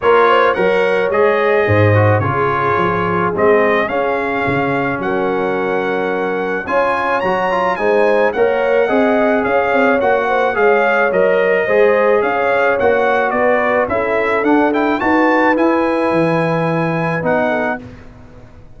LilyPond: <<
  \new Staff \with { instrumentName = "trumpet" } { \time 4/4 \tempo 4 = 108 cis''4 fis''4 dis''2 | cis''2 dis''4 f''4~ | f''4 fis''2. | gis''4 ais''4 gis''4 fis''4~ |
fis''4 f''4 fis''4 f''4 | dis''2 f''4 fis''4 | d''4 e''4 fis''8 g''8 a''4 | gis''2. fis''4 | }
  \new Staff \with { instrumentName = "horn" } { \time 4/4 ais'8 c''8 cis''2 c''4 | gis'1~ | gis'4 ais'2. | cis''2 c''4 cis''4 |
dis''4 cis''4. c''8 cis''4~ | cis''4 c''4 cis''2 | b'4 a'2 b'4~ | b'2.~ b'8 a'8 | }
  \new Staff \with { instrumentName = "trombone" } { \time 4/4 f'4 ais'4 gis'4. fis'8 | f'2 c'4 cis'4~ | cis'1 | f'4 fis'8 f'8 dis'4 ais'4 |
gis'2 fis'4 gis'4 | ais'4 gis'2 fis'4~ | fis'4 e'4 d'8 e'8 fis'4 | e'2. dis'4 | }
  \new Staff \with { instrumentName = "tuba" } { \time 4/4 ais4 fis4 gis4 gis,4 | cis4 f4 gis4 cis'4 | cis4 fis2. | cis'4 fis4 gis4 ais4 |
c'4 cis'8 c'8 ais4 gis4 | fis4 gis4 cis'4 ais4 | b4 cis'4 d'4 dis'4 | e'4 e2 b4 | }
>>